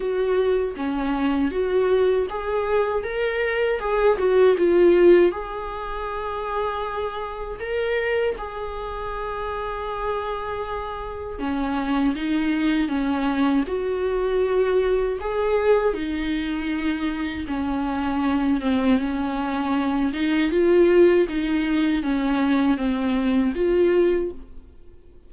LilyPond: \new Staff \with { instrumentName = "viola" } { \time 4/4 \tempo 4 = 79 fis'4 cis'4 fis'4 gis'4 | ais'4 gis'8 fis'8 f'4 gis'4~ | gis'2 ais'4 gis'4~ | gis'2. cis'4 |
dis'4 cis'4 fis'2 | gis'4 dis'2 cis'4~ | cis'8 c'8 cis'4. dis'8 f'4 | dis'4 cis'4 c'4 f'4 | }